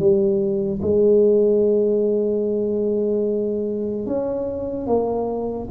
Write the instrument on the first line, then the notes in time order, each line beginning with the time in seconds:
tuba
0.00 G3
0.83 G#3
4.07 C#4
4.87 A#3